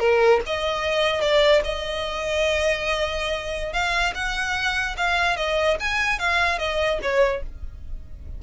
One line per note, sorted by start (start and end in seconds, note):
0.00 0.41 A#4
0.46 1.21 D#5
1.21 1.62 D5
1.65 3.73 D#5
3.73 4.14 F5
4.15 4.96 F#5
4.98 5.37 F5
5.37 5.78 D#5
5.80 6.20 G#5
6.20 6.59 F5
6.59 7.00 D#5
7.03 7.43 C#5